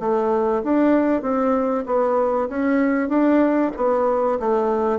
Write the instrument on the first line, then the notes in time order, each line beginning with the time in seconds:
bassoon
0.00 A3
0.64 D4
1.22 C4
1.86 B3
2.49 C#4
3.09 D4
3.76 B3
4.40 A3